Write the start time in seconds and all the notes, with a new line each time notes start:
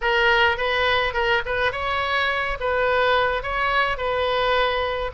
0.01 A#4
0.57 B4
1.13 A#4
1.45 B4
1.72 C#5
2.59 B4
3.42 C#5
3.97 B4